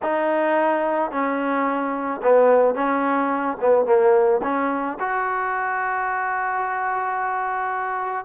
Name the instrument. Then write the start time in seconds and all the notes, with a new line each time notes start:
trombone
0.02 D#4
1.11 C#4
2.22 B3
2.74 C#4
3.60 B3
3.85 A#3
4.43 C#4
4.99 F#4